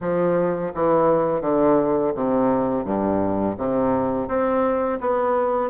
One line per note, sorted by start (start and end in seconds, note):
0.00 0.72 F3
0.74 1.41 E3
1.41 2.12 D3
2.14 2.84 C3
2.84 3.56 G2
3.57 4.28 C3
4.28 4.99 C4
5.00 5.70 B3